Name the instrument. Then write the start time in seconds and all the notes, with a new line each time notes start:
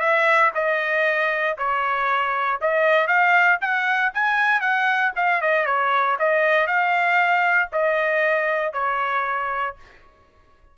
trumpet
0.00 E5
0.55 D#5
1.58 C#5
2.62 D#5
3.08 F5
3.62 F#5
4.14 G#5
4.61 F#5
5.17 F5
5.42 D#5
5.66 C#5
6.19 D#5
6.67 F5
7.73 D#5
8.74 C#5